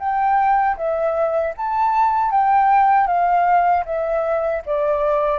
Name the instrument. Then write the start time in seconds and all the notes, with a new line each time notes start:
flute
0.00 G5
0.77 E5
1.57 A5
2.31 G5
3.08 F5
3.86 E5
4.66 D5